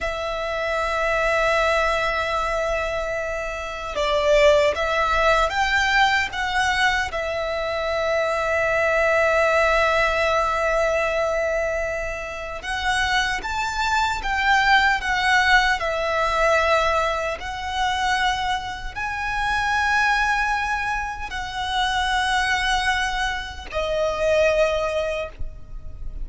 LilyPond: \new Staff \with { instrumentName = "violin" } { \time 4/4 \tempo 4 = 76 e''1~ | e''4 d''4 e''4 g''4 | fis''4 e''2.~ | e''1 |
fis''4 a''4 g''4 fis''4 | e''2 fis''2 | gis''2. fis''4~ | fis''2 dis''2 | }